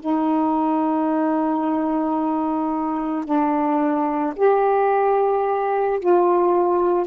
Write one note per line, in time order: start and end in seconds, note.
0.00 3.24 D#4
3.24 4.33 D4
4.35 5.99 G4
6.00 7.06 F4